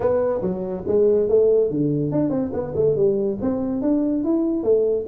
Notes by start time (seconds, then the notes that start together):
0.00 B3
0.41 F#3
0.87 G#3
1.28 A3
1.70 D3
2.11 D4
2.30 C4
2.53 B3
2.75 A3
2.96 G3
3.41 C4
3.81 D4
4.24 E4
4.63 A3